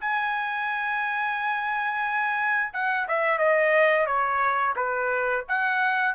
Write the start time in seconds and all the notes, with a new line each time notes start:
0.00 G#5
2.73 F#5
3.08 E5
3.38 D#5
4.06 C#5
4.76 B4
5.48 F#5